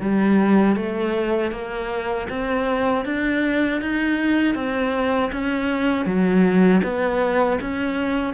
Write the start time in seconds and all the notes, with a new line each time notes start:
0.00 G3
0.76 A3
1.52 A#3
2.29 C4
3.05 D4
3.81 D#4
4.55 C4
5.32 C#4
6.06 F#3
6.83 B3
7.61 C#4